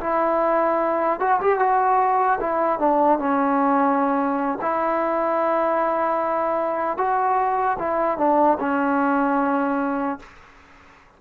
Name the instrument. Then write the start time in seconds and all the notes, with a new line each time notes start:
trombone
0.00 E4
1.20 F#4
1.41 G4
1.59 F#4
2.40 E4
2.79 D4
3.19 C#4
4.61 E4
6.97 F#4
7.79 E4
8.17 D4
8.59 C#4